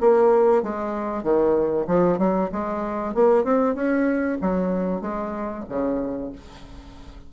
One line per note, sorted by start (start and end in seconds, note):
0.00 0.63 A#3
0.63 1.23 G#3
1.23 1.86 D#3
1.87 2.18 F3
2.18 2.50 F#3
2.52 3.14 G#3
3.14 3.44 A#3
3.44 3.75 C4
3.75 4.38 C#4
4.41 5.01 F#3
5.01 5.64 G#3
5.69 6.32 C#3